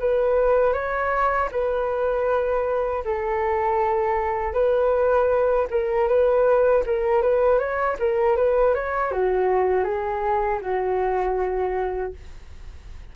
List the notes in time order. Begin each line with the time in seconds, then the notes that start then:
0.00 B4
0.74 C#5
1.52 B4
3.05 A4
4.54 B4
5.71 A#4
6.08 B4
6.87 A#4
7.22 B4
7.59 C#5
8.00 A#4
8.37 B4
8.75 C#5
9.12 F#4
9.85 G#4
10.62 F#4